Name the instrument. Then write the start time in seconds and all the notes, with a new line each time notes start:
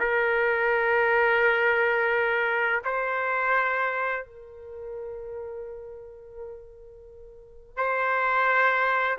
trumpet
0.00 A#4
2.85 C5
4.25 A#4
7.77 C5